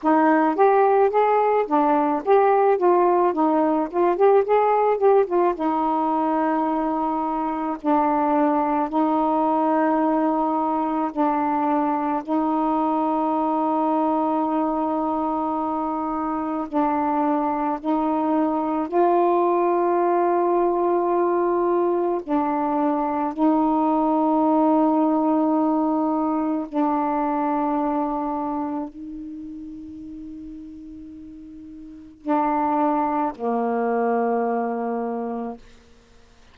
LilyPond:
\new Staff \with { instrumentName = "saxophone" } { \time 4/4 \tempo 4 = 54 dis'8 g'8 gis'8 d'8 g'8 f'8 dis'8 f'16 g'16 | gis'8 g'16 f'16 dis'2 d'4 | dis'2 d'4 dis'4~ | dis'2. d'4 |
dis'4 f'2. | d'4 dis'2. | d'2 dis'2~ | dis'4 d'4 ais2 | }